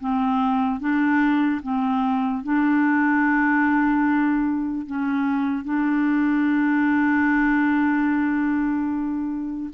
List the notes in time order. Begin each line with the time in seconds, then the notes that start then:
0.00 C4
0.80 D4
1.62 C4
2.43 D4
4.86 C#4
5.64 D4